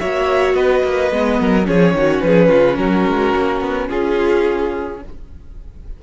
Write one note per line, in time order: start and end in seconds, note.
0.00 0.55 A#3
0.00 1.12 F#4
0.00 0.56 C#5
0.00 0.55 E5
0.55 0.83 B3
0.55 1.40 B4
0.55 1.66 D#5
0.84 1.12 A#3
1.12 1.40 G#3
1.12 1.65 B3
1.40 1.68 F#3
1.40 1.68 A#4
1.65 1.94 F3
1.65 4.98 C#4
1.65 1.96 G#4
1.65 2.21 C#5
1.94 2.21 D#3
1.94 2.26 F#4
2.21 2.51 F3
2.21 2.49 G#4
2.21 2.77 B4
2.49 2.78 C#3
2.49 2.77 F4
2.77 3.06 F#3
2.77 3.89 F#4
2.77 3.88 A#4
3.08 3.35 G#3
3.36 3.61 A#3
3.61 3.89 B3
3.89 5.03 C#4
3.89 5.00 F4
3.89 5.01 G#4